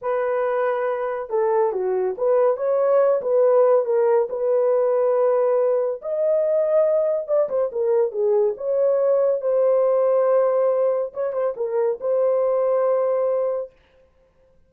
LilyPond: \new Staff \with { instrumentName = "horn" } { \time 4/4 \tempo 4 = 140 b'2. a'4 | fis'4 b'4 cis''4. b'8~ | b'4 ais'4 b'2~ | b'2 dis''2~ |
dis''4 d''8 c''8 ais'4 gis'4 | cis''2 c''2~ | c''2 cis''8 c''8 ais'4 | c''1 | }